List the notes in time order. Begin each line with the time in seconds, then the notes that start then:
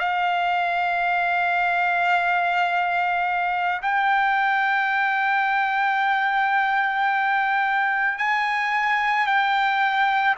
0.00 F5
3.83 G5
8.19 G#5
9.27 G5